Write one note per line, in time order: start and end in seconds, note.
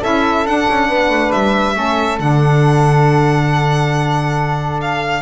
0.00 0.45 C#4
0.00 0.45 E4
0.00 0.87 A4
0.00 0.46 E5
0.45 0.67 D4
0.45 1.74 D4
0.45 1.31 F#5
0.69 0.89 C#4
0.88 1.09 B3
0.88 1.75 B4
1.09 1.31 A3
1.31 1.76 G3
1.31 2.18 E5
1.74 2.19 A3
1.74 2.17 C#4
1.74 5.22 A4
2.19 5.22 D3
2.19 5.22 D4
2.19 4.80 F#5
4.80 5.22 F5